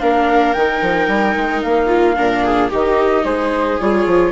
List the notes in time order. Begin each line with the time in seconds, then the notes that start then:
0.00 A#3 D4 A#4 F5
0.53 D#3 G5
0.59 D#4
0.82 F3
1.08 G3
1.37 G#3
1.62 A#3 F5
1.87 F4
2.16 A#2 D4 A#4
2.45 G#4
2.70 D#3 D#4 G4 D#5
3.24 G#3 G#4 C5
3.80 G3 F4 C#5
4.06 F3